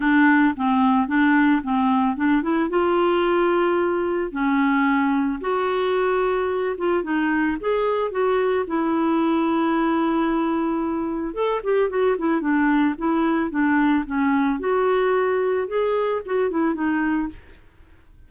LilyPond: \new Staff \with { instrumentName = "clarinet" } { \time 4/4 \tempo 4 = 111 d'4 c'4 d'4 c'4 | d'8 e'8 f'2. | cis'2 fis'2~ | fis'8 f'8 dis'4 gis'4 fis'4 |
e'1~ | e'4 a'8 g'8 fis'8 e'8 d'4 | e'4 d'4 cis'4 fis'4~ | fis'4 gis'4 fis'8 e'8 dis'4 | }